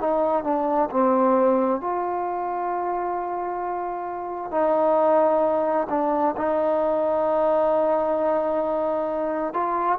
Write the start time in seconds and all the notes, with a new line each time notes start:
0.00 D#4
0.44 D4
0.91 C4
1.81 F4
4.51 D#4
5.90 D4
6.37 D#4
9.54 F4